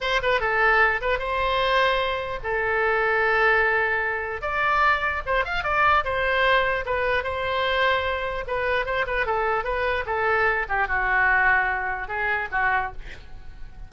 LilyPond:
\new Staff \with { instrumentName = "oboe" } { \time 4/4 \tempo 4 = 149 c''8 b'8 a'4. b'8 c''4~ | c''2 a'2~ | a'2. d''4~ | d''4 c''8 f''8 d''4 c''4~ |
c''4 b'4 c''2~ | c''4 b'4 c''8 b'8 a'4 | b'4 a'4. g'8 fis'4~ | fis'2 gis'4 fis'4 | }